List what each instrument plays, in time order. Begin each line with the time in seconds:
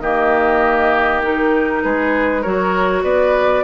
0.00 bassoon D#3, clarinet A#3, oboe G4, flute D#5
1.22 clarinet D#4, flute A#4
1.83 bassoon G#3, oboe G#4, flute B4
2.42 bassoon F#3, clarinet F#4, oboe A#4, flute C#5
3.03 bassoon B3, oboe B4, flute D5